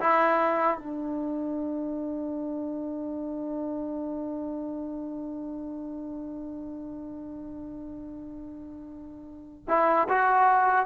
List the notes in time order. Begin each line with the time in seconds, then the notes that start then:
0.00 E4
0.78 D4
9.68 E4
10.09 F#4